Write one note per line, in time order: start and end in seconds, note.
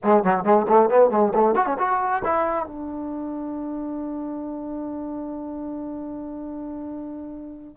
0.03 0.23 G#3
0.23 0.44 F#3
0.44 0.66 G#3
0.68 0.89 A3
0.89 1.10 B3
1.10 1.32 G#3
1.34 1.55 A3
1.55 1.66 F#4
1.66 1.77 C#4
1.78 2.23 F#4
2.24 2.66 E4
2.66 7.77 D4